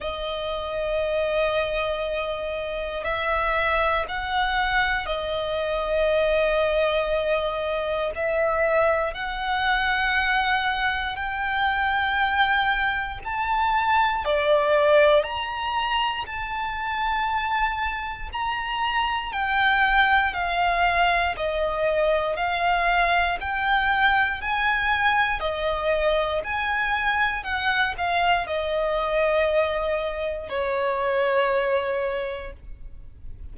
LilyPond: \new Staff \with { instrumentName = "violin" } { \time 4/4 \tempo 4 = 59 dis''2. e''4 | fis''4 dis''2. | e''4 fis''2 g''4~ | g''4 a''4 d''4 ais''4 |
a''2 ais''4 g''4 | f''4 dis''4 f''4 g''4 | gis''4 dis''4 gis''4 fis''8 f''8 | dis''2 cis''2 | }